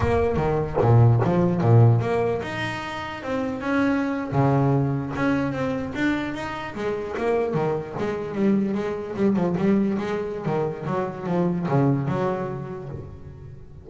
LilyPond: \new Staff \with { instrumentName = "double bass" } { \time 4/4 \tempo 4 = 149 ais4 dis4 ais,4 f4 | ais,4 ais4 dis'2 | c'4 cis'4.~ cis'16 cis4~ cis16~ | cis8. cis'4 c'4 d'4 dis'16~ |
dis'8. gis4 ais4 dis4 gis16~ | gis8. g4 gis4 g8 f8 g16~ | g8. gis4~ gis16 dis4 fis4 | f4 cis4 fis2 | }